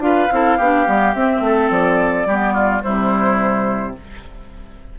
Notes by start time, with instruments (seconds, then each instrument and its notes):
0.00 bassoon D4, clarinet F4, oboe B4, flute F5
0.32 bassoon C4, clarinet E4, oboe A4
0.58 bassoon B3, clarinet D4, oboe G4
0.86 bassoon G3, clarinet B3
1.14 bassoon C4, clarinet C4, flute E5
1.41 bassoon A3, oboe A4
1.70 bassoon F3, flute D5
2.26 bassoon G3, clarinet B3, oboe G4
2.54 oboe F4
2.82 bassoon C3, clarinet G3, oboe E4, flute C5